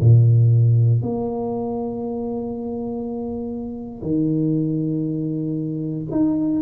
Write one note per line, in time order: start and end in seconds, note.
0.00 1.02 A#2
1.02 4.02 A#3
4.02 6.05 D#3
6.11 6.61 D#4